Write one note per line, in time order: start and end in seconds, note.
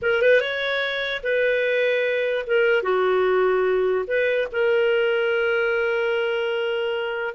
0.01 0.22 A#4
0.22 0.40 B4
0.40 1.22 C#5
1.23 2.45 B4
2.46 2.83 A#4
2.83 4.05 F#4
4.07 4.48 B4
4.52 7.34 A#4